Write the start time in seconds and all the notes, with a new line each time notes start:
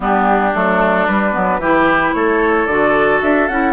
0.00 G3 B3 D4 G4
0.54 F#3 A3 A4
1.06 G3 B4
1.32 F#3 B3
1.58 E3 E4 G4
2.13 A3 A4 C#5
2.66 D3 F#4 D5
3.21 D4 E5
3.48 C#4 E4 F#5